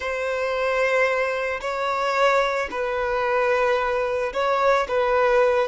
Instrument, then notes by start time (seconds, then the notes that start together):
violin
0.00 C5
1.60 C#5
2.70 B4
4.33 C#5
4.88 B4